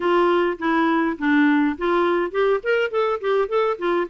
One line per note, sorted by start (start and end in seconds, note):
0.00 0.57 F4
0.58 1.17 E4
1.18 1.76 D4
1.77 2.31 F4
2.31 2.60 G4
2.63 2.90 A#4
2.90 3.20 A4
3.20 3.48 G4
3.48 3.77 A4
3.78 4.07 F4